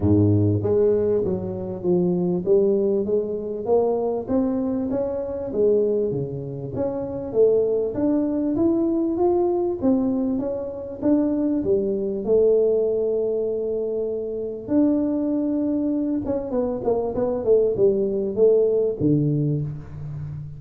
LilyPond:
\new Staff \with { instrumentName = "tuba" } { \time 4/4 \tempo 4 = 98 gis,4 gis4 fis4 f4 | g4 gis4 ais4 c'4 | cis'4 gis4 cis4 cis'4 | a4 d'4 e'4 f'4 |
c'4 cis'4 d'4 g4 | a1 | d'2~ d'8 cis'8 b8 ais8 | b8 a8 g4 a4 d4 | }